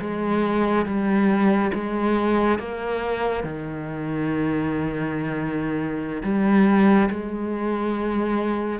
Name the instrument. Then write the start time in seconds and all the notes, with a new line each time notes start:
cello
0.00 G#3
0.86 G3
1.74 G#3
2.59 A#3
3.44 D#3
6.23 G3
7.10 G#3